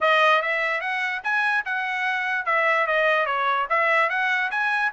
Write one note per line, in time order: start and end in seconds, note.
0.01 0.41 D#5
0.41 0.80 E5
0.80 1.21 F#5
1.23 1.64 G#5
1.65 2.45 F#5
2.45 2.86 E5
2.86 3.26 D#5
3.26 3.67 C#5
3.69 4.09 E5
4.09 4.50 F#5
4.50 4.91 G#5